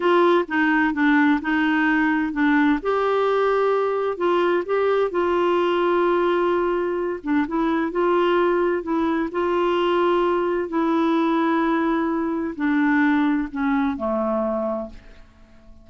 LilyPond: \new Staff \with { instrumentName = "clarinet" } { \time 4/4 \tempo 4 = 129 f'4 dis'4 d'4 dis'4~ | dis'4 d'4 g'2~ | g'4 f'4 g'4 f'4~ | f'2.~ f'8 d'8 |
e'4 f'2 e'4 | f'2. e'4~ | e'2. d'4~ | d'4 cis'4 a2 | }